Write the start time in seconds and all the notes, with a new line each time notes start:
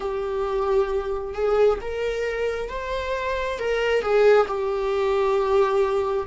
0.00 G4
1.34 G#4
1.81 A#4
2.69 C5
3.58 A#4
4.01 G#4
4.47 G4